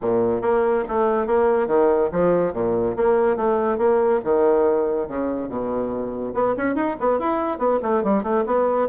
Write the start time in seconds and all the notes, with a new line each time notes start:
0.01 A#2
0.41 A#3
0.88 A3
1.27 A#3
1.67 D#3
2.11 F3
2.53 A#2
2.96 A#3
3.36 A3
3.78 A#3
4.24 D#3
5.07 C#3
5.48 B2
6.33 B3
6.57 C#4
6.75 D#4
7.00 B3
7.19 E4
7.58 B3
7.82 A3
8.03 G3
8.23 A3
8.46 B3